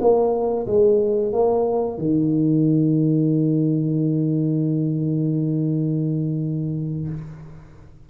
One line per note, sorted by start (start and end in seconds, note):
0.00 0.66 A#3
0.66 1.32 G#3
1.32 1.98 A#3
1.98 7.08 D#3